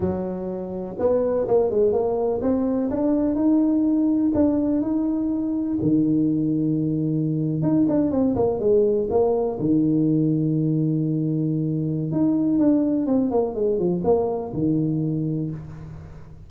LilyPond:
\new Staff \with { instrumentName = "tuba" } { \time 4/4 \tempo 4 = 124 fis2 b4 ais8 gis8 | ais4 c'4 d'4 dis'4~ | dis'4 d'4 dis'2 | dis2.~ dis8. dis'16~ |
dis'16 d'8 c'8 ais8 gis4 ais4 dis16~ | dis1~ | dis4 dis'4 d'4 c'8 ais8 | gis8 f8 ais4 dis2 | }